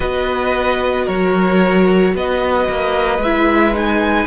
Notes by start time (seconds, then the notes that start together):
0.00 B3 F#4 B4 D#5
1.05 F#3 A#4 C#5
2.14 B3 B4 D#5
2.68 A#3
3.18 G#3 E5
3.24 E4
3.73 D#4 G#5